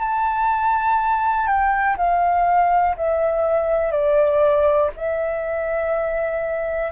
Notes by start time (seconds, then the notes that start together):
0.00 A5
1.47 G5
1.98 F5
2.97 E5
3.92 D5
4.97 E5